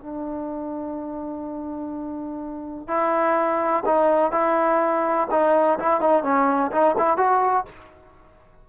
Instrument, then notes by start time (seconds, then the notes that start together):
trombone
0.00 D4
2.87 E4
3.85 D#4
4.31 E4
5.30 D#4
5.79 E4
6.00 D#4
6.23 C#4
6.71 D#4
6.98 E4
7.17 F#4